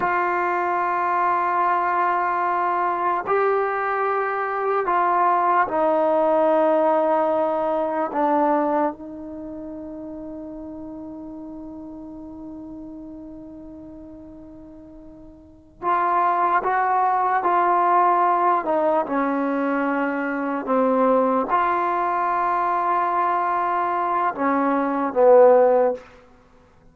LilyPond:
\new Staff \with { instrumentName = "trombone" } { \time 4/4 \tempo 4 = 74 f'1 | g'2 f'4 dis'4~ | dis'2 d'4 dis'4~ | dis'1~ |
dis'2.~ dis'8 f'8~ | f'8 fis'4 f'4. dis'8 cis'8~ | cis'4. c'4 f'4.~ | f'2 cis'4 b4 | }